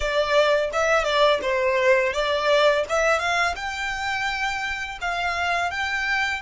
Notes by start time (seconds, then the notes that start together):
0.00 D5
0.72 E5
1.04 D5
1.42 C5
2.13 D5
2.89 E5
3.19 F5
3.55 G5
5.01 F5
5.70 G5